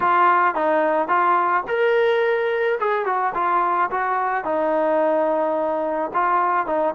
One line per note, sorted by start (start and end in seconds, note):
0.00 0.54 F4
0.54 1.08 D#4
1.08 1.63 F4
1.67 2.79 A#4
2.80 3.05 G#4
3.05 3.33 F#4
3.34 3.90 F4
3.90 4.44 F#4
4.44 6.11 D#4
6.13 6.66 F4
6.66 6.94 D#4